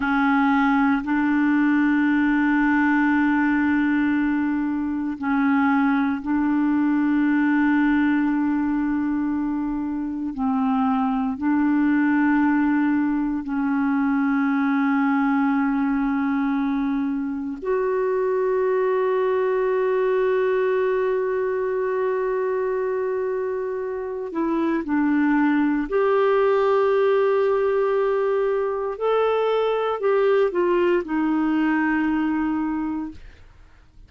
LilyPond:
\new Staff \with { instrumentName = "clarinet" } { \time 4/4 \tempo 4 = 58 cis'4 d'2.~ | d'4 cis'4 d'2~ | d'2 c'4 d'4~ | d'4 cis'2.~ |
cis'4 fis'2.~ | fis'2.~ fis'8 e'8 | d'4 g'2. | a'4 g'8 f'8 dis'2 | }